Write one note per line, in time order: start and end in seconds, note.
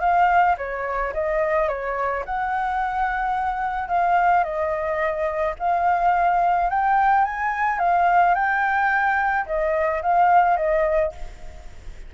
0.00 0.56 F5
0.57 1.13 C#5
1.13 1.68 D#5
1.68 2.24 C#5
2.26 3.88 F#5
3.88 4.44 F5
4.44 5.55 D#5
5.59 6.70 F5
6.70 7.24 G5
7.24 7.79 G#5
7.79 8.34 F5
8.34 9.45 G5
9.46 10.02 D#5
10.02 10.57 F5
10.57 11.12 D#5